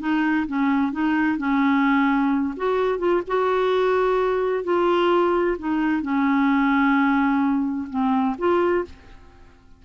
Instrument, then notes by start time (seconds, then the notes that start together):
clarinet
0.00 D#4
0.47 C#4
0.93 D#4
1.38 C#4
2.57 F#4
2.99 F4
3.28 F#4
4.64 F4
5.59 D#4
6.03 C#4
7.90 C4
8.38 F4